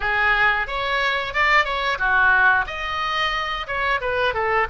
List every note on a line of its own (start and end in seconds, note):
0.00 0.67 G#4
0.67 1.33 C#5
1.33 1.65 D5
1.65 1.98 C#5
1.98 2.65 F#4
2.66 3.66 D#5
3.67 4.00 C#5
4.00 4.33 B4
4.33 4.67 A4